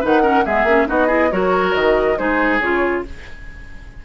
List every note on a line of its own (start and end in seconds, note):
0.00 0.46 D#3
0.00 0.22 D#4
0.00 0.21 B4
0.00 0.45 F#5
0.22 0.43 C#4
0.22 0.44 A#4
0.45 0.63 G#3
0.45 0.67 B3
0.45 0.87 G#4
0.45 0.88 E5
0.63 0.85 A#3
0.63 0.87 C#4
0.87 1.32 B3
0.87 1.08 D#4
0.87 1.07 F#4
0.87 1.31 D#5
1.07 1.29 E4
1.07 1.28 G#4
1.31 1.74 F#3
1.31 2.17 F#4
1.31 2.18 A#4
1.31 1.74 C#5
1.74 2.18 D#3
1.74 2.17 D#5
2.17 2.60 G#3
2.17 2.59 D#4
2.17 3.04 G#4
2.17 2.60 C5
2.60 3.03 C#3
2.60 3.05 F4
2.60 3.03 C#5